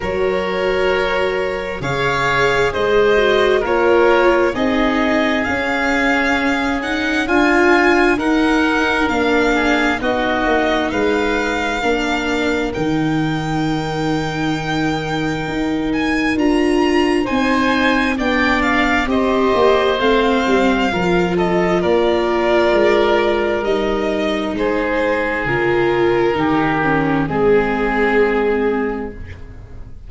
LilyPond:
<<
  \new Staff \with { instrumentName = "violin" } { \time 4/4 \tempo 4 = 66 cis''2 f''4 dis''4 | cis''4 dis''4 f''4. fis''8 | gis''4 fis''4 f''4 dis''4 | f''2 g''2~ |
g''4. gis''8 ais''4 gis''4 | g''8 f''8 dis''4 f''4. dis''8 | d''2 dis''4 c''4 | ais'2 gis'2 | }
  \new Staff \with { instrumentName = "oboe" } { \time 4/4 ais'2 cis''4 c''4 | ais'4 gis'2. | f'4 ais'4. gis'8 fis'4 | b'4 ais'2.~ |
ais'2. c''4 | d''4 c''2 ais'8 a'8 | ais'2. gis'4~ | gis'4 g'4 gis'2 | }
  \new Staff \with { instrumentName = "viola" } { \time 4/4 fis'2 gis'4. fis'8 | f'4 dis'4 cis'4. dis'8 | f'4 dis'4 d'4 dis'4~ | dis'4 d'4 dis'2~ |
dis'2 f'4 dis'4 | d'4 g'4 c'4 f'4~ | f'2 dis'2 | f'4 dis'8 cis'8 c'2 | }
  \new Staff \with { instrumentName = "tuba" } { \time 4/4 fis2 cis4 gis4 | ais4 c'4 cis'2 | d'4 dis'4 ais4 b8 ais8 | gis4 ais4 dis2~ |
dis4 dis'4 d'4 c'4 | b4 c'8 ais8 a8 g8 f4 | ais4 gis4 g4 gis4 | cis4 dis4 gis2 | }
>>